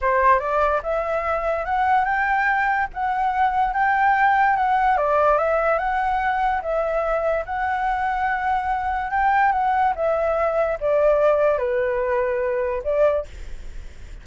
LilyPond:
\new Staff \with { instrumentName = "flute" } { \time 4/4 \tempo 4 = 145 c''4 d''4 e''2 | fis''4 g''2 fis''4~ | fis''4 g''2 fis''4 | d''4 e''4 fis''2 |
e''2 fis''2~ | fis''2 g''4 fis''4 | e''2 d''2 | b'2. d''4 | }